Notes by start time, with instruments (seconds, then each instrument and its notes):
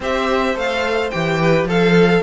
0.00 cello C4, viola G4, violin C5 E5
0.54 cello A3, viola A4, violin F5
1.10 cello E3, viola G4, violin G5
1.40 violin B4
1.64 cello F3, violin A4 F5, viola A4